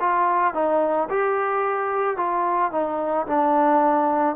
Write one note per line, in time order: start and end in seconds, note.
0.00 0.54 F4
0.54 1.09 D#4
1.10 2.17 G4
2.17 2.71 F4
2.72 3.26 D#4
3.27 4.36 D4